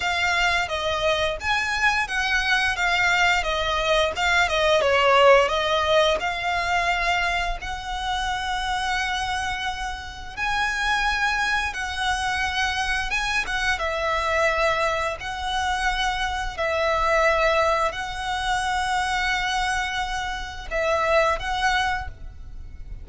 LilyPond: \new Staff \with { instrumentName = "violin" } { \time 4/4 \tempo 4 = 87 f''4 dis''4 gis''4 fis''4 | f''4 dis''4 f''8 dis''8 cis''4 | dis''4 f''2 fis''4~ | fis''2. gis''4~ |
gis''4 fis''2 gis''8 fis''8 | e''2 fis''2 | e''2 fis''2~ | fis''2 e''4 fis''4 | }